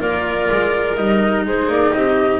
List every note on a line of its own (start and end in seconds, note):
0.00 0.49 A#3
0.00 0.97 F4
0.00 1.46 A#4
0.00 0.95 D5
0.51 0.97 G#3
0.95 1.45 G3
0.95 2.40 D#4
0.95 1.44 D#5
1.45 1.68 G#3
1.45 1.95 G#4
1.45 1.71 C5
1.68 1.92 A#3
1.68 1.93 D5
1.93 2.40 C4
1.93 2.40 G4
1.93 2.40 D#5